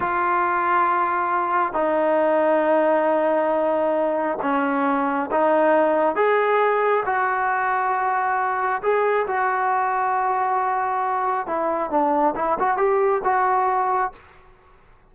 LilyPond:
\new Staff \with { instrumentName = "trombone" } { \time 4/4 \tempo 4 = 136 f'1 | dis'1~ | dis'2 cis'2 | dis'2 gis'2 |
fis'1 | gis'4 fis'2.~ | fis'2 e'4 d'4 | e'8 fis'8 g'4 fis'2 | }